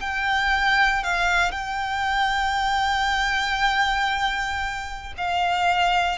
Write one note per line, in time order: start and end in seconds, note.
0.00 1.03 G5
1.03 1.51 F5
1.51 5.13 G5
5.17 6.17 F5